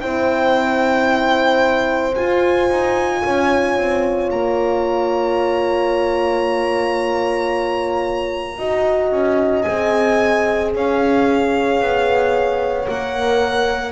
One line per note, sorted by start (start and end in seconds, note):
0.00 2.17 C4
0.00 2.14 E4
0.00 3.24 C5
0.00 2.15 G5
2.15 8.59 F4
2.15 2.70 F4
2.15 4.30 G#5
2.70 3.23 D#4
3.25 3.78 C#4
3.25 8.59 C#5
3.78 4.31 C4
4.31 8.59 A#3
4.31 9.63 A#5
8.59 9.12 D#4
8.59 9.66 F#4
8.59 10.73 D#5
9.12 9.65 C#4
9.63 10.75 C4
9.63 12.87 G#4
9.63 10.70 G#5
10.74 11.81 C#4
10.74 13.92 C#5
10.74 12.89 F5
11.81 12.88 B3
12.87 13.92 A#3
12.87 13.92 A#4
12.87 13.92 F#5